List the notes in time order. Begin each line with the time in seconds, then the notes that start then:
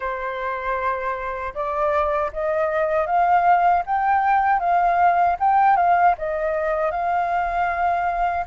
0.00 C5
1.54 D5
2.33 D#5
3.06 F5
3.86 G5
4.59 F5
5.39 G5
5.76 F5
6.17 D#5
6.91 F5